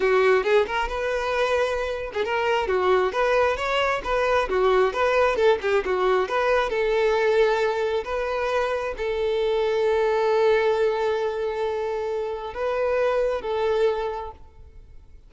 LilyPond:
\new Staff \with { instrumentName = "violin" } { \time 4/4 \tempo 4 = 134 fis'4 gis'8 ais'8 b'2~ | b'8. gis'16 ais'4 fis'4 b'4 | cis''4 b'4 fis'4 b'4 | a'8 g'8 fis'4 b'4 a'4~ |
a'2 b'2 | a'1~ | a'1 | b'2 a'2 | }